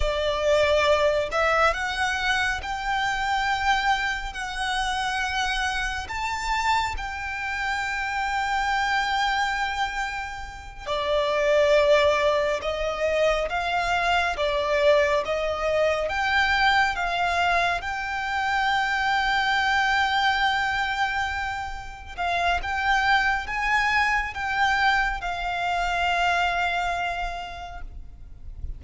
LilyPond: \new Staff \with { instrumentName = "violin" } { \time 4/4 \tempo 4 = 69 d''4. e''8 fis''4 g''4~ | g''4 fis''2 a''4 | g''1~ | g''8 d''2 dis''4 f''8~ |
f''8 d''4 dis''4 g''4 f''8~ | f''8 g''2.~ g''8~ | g''4. f''8 g''4 gis''4 | g''4 f''2. | }